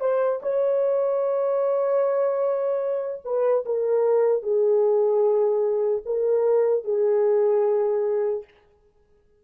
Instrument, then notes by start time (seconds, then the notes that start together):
horn
0.00 C5
0.42 C#5
3.25 B4
3.65 A#4
4.43 G#4
6.05 A#4
6.84 G#4